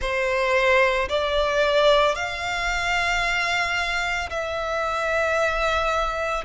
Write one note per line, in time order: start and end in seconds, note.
0.00 1.08 C5
1.08 2.15 D5
2.15 4.29 F5
4.30 6.44 E5